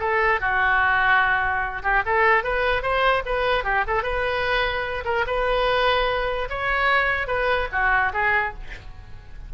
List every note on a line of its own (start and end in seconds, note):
0.00 0.41 A4
0.41 1.83 F#4
1.83 2.03 G4
2.06 2.44 A4
2.44 2.83 B4
2.83 3.23 C5
3.26 3.64 B4
3.64 3.85 G4
3.87 4.03 A4
4.03 5.04 B4
5.05 5.26 A#4
5.27 6.49 B4
6.50 7.28 C#5
7.28 7.68 B4
7.72 8.13 F#4
8.14 8.54 G#4